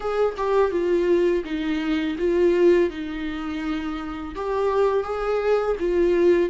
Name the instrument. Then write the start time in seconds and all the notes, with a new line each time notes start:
viola
0.00 G#4
0.37 G4
0.71 F4
1.44 D#4
2.18 F4
2.90 D#4
4.35 G4
5.03 G#4
5.79 F4